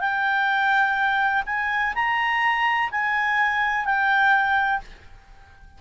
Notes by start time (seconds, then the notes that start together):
0.00 G5
1.46 G#5
1.95 A#5
2.91 G#5
3.85 G5